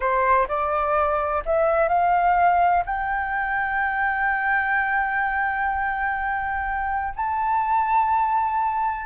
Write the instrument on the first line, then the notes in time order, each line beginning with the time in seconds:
flute
0.00 C5
0.48 D5
1.45 E5
1.88 F5
2.85 G5
7.16 A5